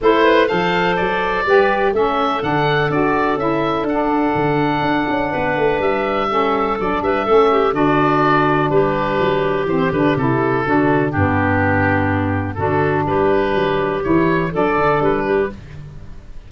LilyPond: <<
  \new Staff \with { instrumentName = "oboe" } { \time 4/4 \tempo 4 = 124 c''4 f''4 d''2 | e''4 fis''4 d''4 e''4 | fis''1 | e''2 d''8 e''4. |
d''2 b'2 | c''8 b'8 a'2 g'4~ | g'2 a'4 b'4~ | b'4 cis''4 d''4 b'4 | }
  \new Staff \with { instrumentName = "clarinet" } { \time 4/4 a'8 b'8 c''2 b'4 | a'1~ | a'2. b'4~ | b'4 a'4. b'8 a'8 g'8 |
fis'2 g'2~ | g'2 fis'4 d'4~ | d'2 fis'4 g'4~ | g'2 a'4. g'8 | }
  \new Staff \with { instrumentName = "saxophone" } { \time 4/4 e'4 a'2 g'4 | cis'4 d'4 fis'4 e'4 | d'1~ | d'4 cis'4 d'4 cis'4 |
d'1 | c'8 d'8 e'4 d'4 b4~ | b2 d'2~ | d'4 e'4 d'2 | }
  \new Staff \with { instrumentName = "tuba" } { \time 4/4 a4 f4 fis4 g4 | a4 d4 d'4 cis'4 | d'4 d4 d'8 cis'8 b8 a8 | g2 fis8 g8 a4 |
d2 g4 fis4 | e8 d8 c4 d4 g,4~ | g,2 d4 g4 | fis4 e4 fis8 d8 g4 | }
>>